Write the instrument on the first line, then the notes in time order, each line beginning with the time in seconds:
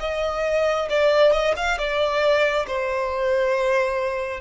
violin
0.00 D#5
0.89 D5
1.32 D#5
1.56 F5
1.78 D5
2.67 C5